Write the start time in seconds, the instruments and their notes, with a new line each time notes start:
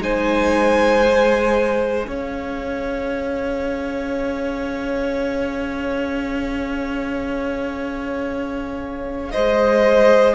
0.00 cello G#3, viola D#4, violin C5 G#5
1.05 viola G#4
2.07 cello C#4, violin C#5 F5
9.31 cello G#3, violin C5 D#5